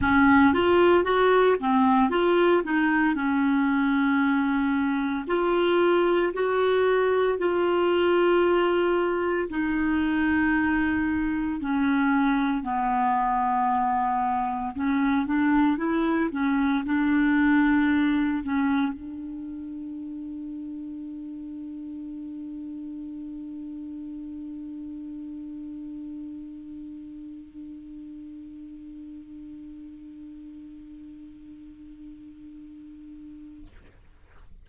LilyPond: \new Staff \with { instrumentName = "clarinet" } { \time 4/4 \tempo 4 = 57 cis'8 f'8 fis'8 c'8 f'8 dis'8 cis'4~ | cis'4 f'4 fis'4 f'4~ | f'4 dis'2 cis'4 | b2 cis'8 d'8 e'8 cis'8 |
d'4. cis'8 d'2~ | d'1~ | d'1~ | d'1 | }